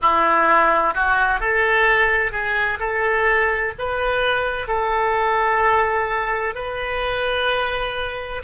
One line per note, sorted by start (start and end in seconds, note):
0.01 0.94 E4
0.94 1.40 F#4
1.40 2.31 A4
2.31 2.78 G#4
2.79 3.73 A4
3.78 4.67 B4
4.67 6.55 A4
6.55 8.42 B4